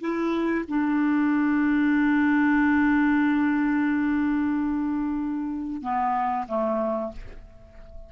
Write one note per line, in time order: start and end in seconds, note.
0.00 0.65 E4
0.68 5.82 D4
5.82 6.46 B3
6.47 7.12 A3